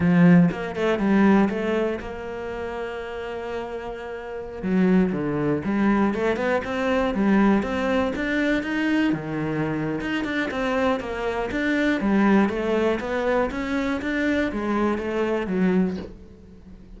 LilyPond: \new Staff \with { instrumentName = "cello" } { \time 4/4 \tempo 4 = 120 f4 ais8 a8 g4 a4 | ais1~ | ais4~ ais16 fis4 d4 g8.~ | g16 a8 b8 c'4 g4 c'8.~ |
c'16 d'4 dis'4 dis4.~ dis16 | dis'8 d'8 c'4 ais4 d'4 | g4 a4 b4 cis'4 | d'4 gis4 a4 fis4 | }